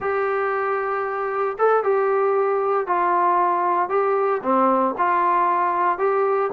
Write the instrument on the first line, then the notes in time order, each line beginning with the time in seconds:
trombone
0.00 G4
1.58 A4
1.83 G4
2.86 F4
3.89 G4
4.43 C4
4.98 F4
5.98 G4